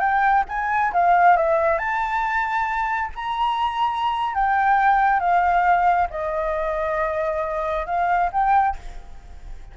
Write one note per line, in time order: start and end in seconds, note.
0.00 0.44 G5
0.48 0.92 G#5
0.93 1.37 F5
1.37 1.78 E5
1.78 3.10 A5
3.15 4.35 A#5
4.35 5.20 G5
5.20 6.08 F5
6.10 7.86 D#5
7.86 8.30 F5
8.32 8.76 G5